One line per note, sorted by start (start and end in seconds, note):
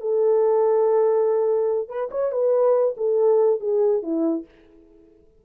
0.00 1.88 A4
1.88 2.09 B4
2.11 2.31 C#5
2.31 2.95 B4
2.96 3.60 A4
3.60 4.02 G#4
4.02 4.44 E4